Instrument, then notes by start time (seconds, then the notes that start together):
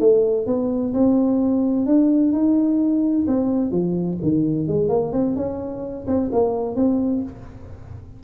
tuba
0.00 A3
0.47 B3
0.94 C4
1.86 D4
2.32 D#4
3.27 C4
3.71 F3
4.23 D#3
4.68 G#3
4.89 A#3
5.13 C4
5.36 C#4
6.07 C4
6.32 A#3
6.76 C4